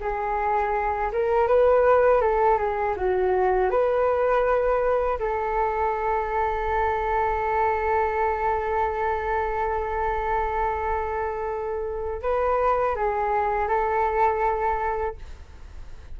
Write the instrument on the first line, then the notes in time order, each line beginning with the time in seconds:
flute
0.00 G#4
1.12 A#4
1.47 B4
2.21 A4
2.58 G#4
2.96 F#4
3.70 B4
5.19 A4
12.22 B4
12.96 G#4
13.68 A4